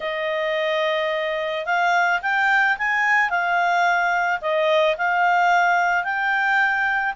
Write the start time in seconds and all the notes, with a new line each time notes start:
0.00 D#5
1.65 F5
2.22 G5
2.77 G#5
3.30 F5
4.41 D#5
4.97 F5
6.04 G5